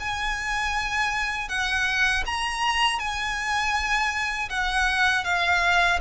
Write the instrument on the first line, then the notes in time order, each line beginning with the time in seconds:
violin
0.00 G#5
1.49 F#5
2.26 A#5
2.99 G#5
4.50 F#5
5.25 F5